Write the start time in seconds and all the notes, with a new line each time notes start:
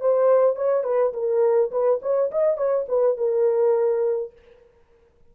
0.00 C5
0.56 C#5
0.83 B4
1.13 A#4
1.71 B4
2.01 C#5
2.31 D#5
2.57 C#5
2.88 B4
3.17 A#4